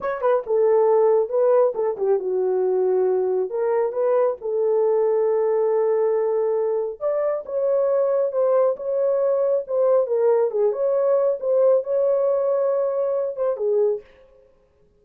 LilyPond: \new Staff \with { instrumentName = "horn" } { \time 4/4 \tempo 4 = 137 cis''8 b'8 a'2 b'4 | a'8 g'8 fis'2. | ais'4 b'4 a'2~ | a'1 |
d''4 cis''2 c''4 | cis''2 c''4 ais'4 | gis'8 cis''4. c''4 cis''4~ | cis''2~ cis''8 c''8 gis'4 | }